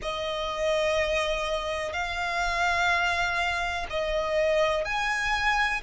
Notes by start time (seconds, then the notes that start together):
0.02 D#5
1.92 F5
3.90 D#5
4.84 G#5